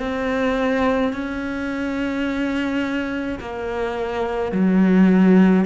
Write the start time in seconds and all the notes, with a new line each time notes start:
0.00 C4
1.13 C#4
3.40 A#3
4.52 F#3